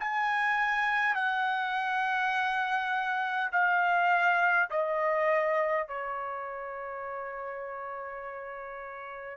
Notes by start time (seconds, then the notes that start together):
0.00 G#5
1.16 F#5
3.52 F5
4.71 D#5
5.88 C#5